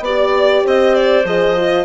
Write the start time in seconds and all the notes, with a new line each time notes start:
0.00 B3 G4 D5
0.64 C4 C5 D#5
0.95 D5
1.24 F3 G#4 D#5
1.56 F4